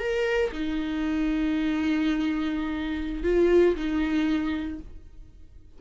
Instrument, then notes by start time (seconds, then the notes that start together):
viola
0.00 A#4
0.52 D#4
3.24 F4
3.76 D#4